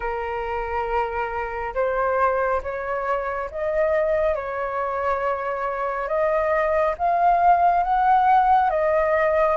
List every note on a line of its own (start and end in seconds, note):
0.00 1.74 A#4
1.74 2.61 C5
2.62 3.49 C#5
3.50 4.35 D#5
4.35 6.08 C#5
6.08 6.94 D#5
6.98 7.83 F5
7.83 8.70 F#5
8.70 9.56 D#5